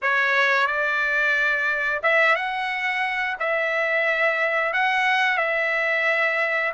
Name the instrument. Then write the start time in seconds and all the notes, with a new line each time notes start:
trumpet
0.02 C#5
0.66 D5
2.02 E5
2.35 F#5
3.39 E5
4.73 F#5
5.37 E5